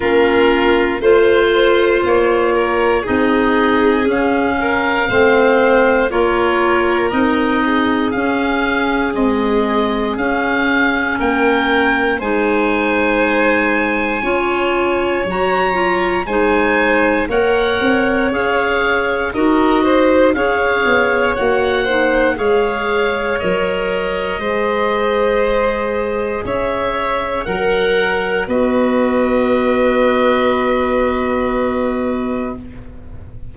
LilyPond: <<
  \new Staff \with { instrumentName = "oboe" } { \time 4/4 \tempo 4 = 59 ais'4 c''4 cis''4 dis''4 | f''2 cis''4 dis''4 | f''4 dis''4 f''4 g''4 | gis''2. ais''4 |
gis''4 fis''4 f''4 dis''4 | f''4 fis''4 f''4 dis''4~ | dis''2 e''4 fis''4 | dis''1 | }
  \new Staff \with { instrumentName = "violin" } { \time 4/4 f'4 c''4. ais'8 gis'4~ | gis'8 ais'8 c''4 ais'4. gis'8~ | gis'2. ais'4 | c''2 cis''2 |
c''4 cis''2 ais'8 c''8 | cis''4. c''8 cis''2 | c''2 cis''4 ais'4 | b'1 | }
  \new Staff \with { instrumentName = "clarinet" } { \time 4/4 cis'4 f'2 dis'4 | cis'4 c'4 f'4 dis'4 | cis'4 gis4 cis'2 | dis'2 f'4 fis'8 f'8 |
dis'4 ais'4 gis'4 fis'4 | gis'4 fis'8 dis'8 gis'4 ais'4 | gis'2. ais'4 | fis'1 | }
  \new Staff \with { instrumentName = "tuba" } { \time 4/4 ais4 a4 ais4 c'4 | cis'4 a4 ais4 c'4 | cis'4 c'4 cis'4 ais4 | gis2 cis'4 fis4 |
gis4 ais8 c'8 cis'4 dis'4 | cis'8 b8 ais4 gis4 fis4 | gis2 cis'4 fis4 | b1 | }
>>